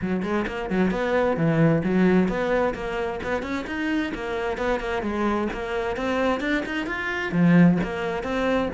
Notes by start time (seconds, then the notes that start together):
0.01 F#3
0.22 G#3
0.47 A#3
0.70 F#3
0.91 B3
1.36 E3
1.84 F#3
2.28 B3
2.74 A#3
3.23 B3
3.42 C#4
3.66 D#4
4.14 A#3
4.57 B3
4.80 A#3
5.02 G#3
5.53 A#3
5.96 C4
6.40 D4
6.65 D#4
6.86 F4
7.32 F3
7.83 A#3
8.23 C4